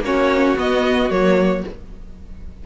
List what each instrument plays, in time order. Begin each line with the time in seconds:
0.00 cello A#3, viola C#4, violin F#4 C#5
0.56 viola B3, cello B3, violin D#5
1.10 cello F#3, viola A#3, violin C#5